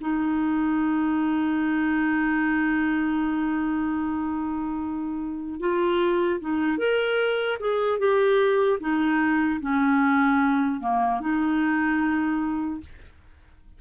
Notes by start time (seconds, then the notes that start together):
0.00 D#4
5.60 F4
6.40 D#4
6.78 A#4
7.59 G#4
7.99 G4
8.80 D#4
9.60 C#4
10.80 A#3
11.20 D#4